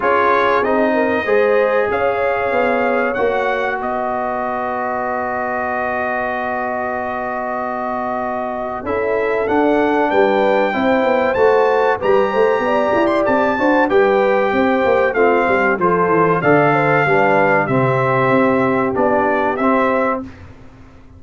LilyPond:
<<
  \new Staff \with { instrumentName = "trumpet" } { \time 4/4 \tempo 4 = 95 cis''4 dis''2 f''4~ | f''4 fis''4 dis''2~ | dis''1~ | dis''2 e''4 fis''4 |
g''2 a''4 ais''4~ | ais''8. c'''16 a''4 g''2 | f''4 c''4 f''2 | e''2 d''4 e''4 | }
  \new Staff \with { instrumentName = "horn" } { \time 4/4 gis'4. ais'8 c''4 cis''4~ | cis''2 b'2~ | b'1~ | b'2 a'2 |
b'4 c''2 b'8 c''8 | d''4. c''8 b'4 c''4 | f'8 g'8 a'4 d''8 c''8 b'4 | g'1 | }
  \new Staff \with { instrumentName = "trombone" } { \time 4/4 f'4 dis'4 gis'2~ | gis'4 fis'2.~ | fis'1~ | fis'2 e'4 d'4~ |
d'4 e'4 fis'4 g'4~ | g'4. fis'8 g'2 | c'4 f'4 a'4 d'4 | c'2 d'4 c'4 | }
  \new Staff \with { instrumentName = "tuba" } { \time 4/4 cis'4 c'4 gis4 cis'4 | b4 ais4 b2~ | b1~ | b2 cis'4 d'4 |
g4 c'8 b8 a4 g8 a8 | b8 e'8 c'8 d'8 g4 c'8 ais8 | a8 g8 f8 e8 d4 g4 | c4 c'4 b4 c'4 | }
>>